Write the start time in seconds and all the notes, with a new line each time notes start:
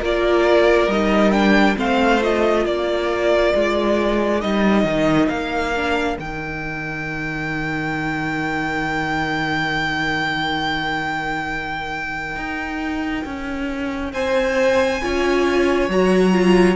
0.00 A#3 F4 A#4 D5
0.88 G3 D#4 D#5
1.32 D4 G5
1.77 A3 C4 C5 F5
2.22 F4 D#5
2.63 A#3 A#4 D5
3.55 G#3
4.41 G3 D#4 D#5
4.85 D#3
5.29 A#3 F5
5.77 D4
6.19 D#3 D#4 G5
12.37 D#4
13.25 C#4
14.13 C4 C5 G#5
15.02 C#4 F4 C#5
15.90 F#3 F#4 A#5
16.33 F4